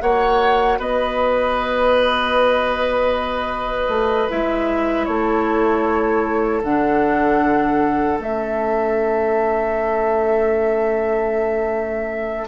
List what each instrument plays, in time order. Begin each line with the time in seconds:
0.00 bassoon A#3, clarinet F#4, oboe C#5, flute F#5
0.78 bassoon B3, oboe B4, flute D#5
3.88 bassoon A3
4.28 bassoon G#3, clarinet E4, flute E5
5.05 bassoon A3, oboe A4, flute C#5
6.63 bassoon D3, clarinet D4, flute F#5
8.18 bassoon A3, clarinet C#4, flute E5